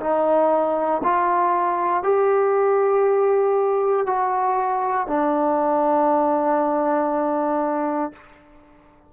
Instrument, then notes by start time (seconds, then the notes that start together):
trombone
0.00 D#4
1.04 F4
2.03 G4
4.06 F#4
5.07 D4